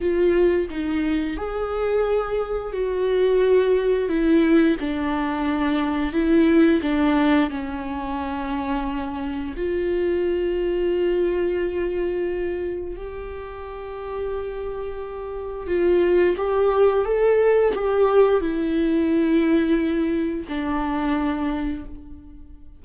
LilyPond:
\new Staff \with { instrumentName = "viola" } { \time 4/4 \tempo 4 = 88 f'4 dis'4 gis'2 | fis'2 e'4 d'4~ | d'4 e'4 d'4 cis'4~ | cis'2 f'2~ |
f'2. g'4~ | g'2. f'4 | g'4 a'4 g'4 e'4~ | e'2 d'2 | }